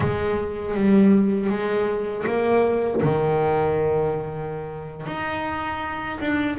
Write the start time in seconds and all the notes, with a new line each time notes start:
0.00 G#3
0.74 G3
1.49 G#3
2.26 A#3
3.02 D#3
5.06 D#4
6.20 D4